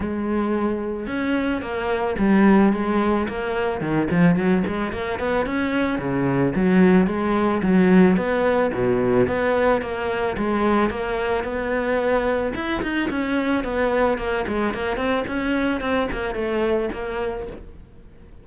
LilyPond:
\new Staff \with { instrumentName = "cello" } { \time 4/4 \tempo 4 = 110 gis2 cis'4 ais4 | g4 gis4 ais4 dis8 f8 | fis8 gis8 ais8 b8 cis'4 cis4 | fis4 gis4 fis4 b4 |
b,4 b4 ais4 gis4 | ais4 b2 e'8 dis'8 | cis'4 b4 ais8 gis8 ais8 c'8 | cis'4 c'8 ais8 a4 ais4 | }